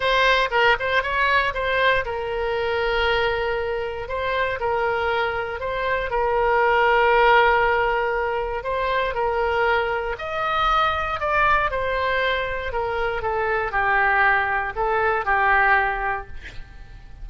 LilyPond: \new Staff \with { instrumentName = "oboe" } { \time 4/4 \tempo 4 = 118 c''4 ais'8 c''8 cis''4 c''4 | ais'1 | c''4 ais'2 c''4 | ais'1~ |
ais'4 c''4 ais'2 | dis''2 d''4 c''4~ | c''4 ais'4 a'4 g'4~ | g'4 a'4 g'2 | }